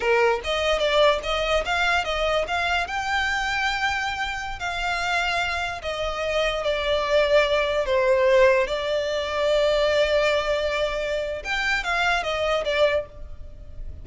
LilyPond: \new Staff \with { instrumentName = "violin" } { \time 4/4 \tempo 4 = 147 ais'4 dis''4 d''4 dis''4 | f''4 dis''4 f''4 g''4~ | g''2.~ g''16 f''8.~ | f''2~ f''16 dis''4.~ dis''16~ |
dis''16 d''2. c''8.~ | c''4~ c''16 d''2~ d''8.~ | d''1 | g''4 f''4 dis''4 d''4 | }